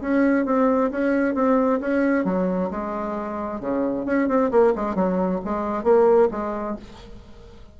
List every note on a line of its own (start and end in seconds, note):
0.00 0.45 C#4
0.45 0.90 C4
0.91 1.34 C#4
1.34 1.79 C4
1.80 2.24 C#4
2.24 2.69 F#3
2.70 3.60 G#3
3.60 4.05 C#3
4.05 4.28 C#4
4.28 4.50 C4
4.51 4.73 A#3
4.75 4.95 G#3
4.95 5.40 F#3
5.44 5.83 G#3
5.83 6.28 A#3
6.31 6.76 G#3